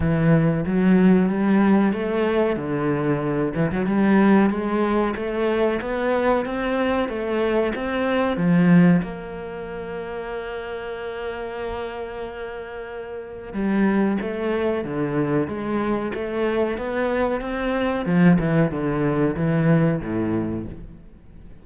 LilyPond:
\new Staff \with { instrumentName = "cello" } { \time 4/4 \tempo 4 = 93 e4 fis4 g4 a4 | d4. e16 fis16 g4 gis4 | a4 b4 c'4 a4 | c'4 f4 ais2~ |
ais1~ | ais4 g4 a4 d4 | gis4 a4 b4 c'4 | f8 e8 d4 e4 a,4 | }